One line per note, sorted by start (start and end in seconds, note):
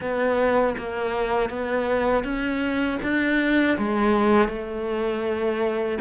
0.00 0.75 B3
0.77 1.49 A#3
1.49 2.24 B3
2.24 2.99 C#4
3.02 3.77 D4
3.78 4.48 G#3
4.48 5.98 A3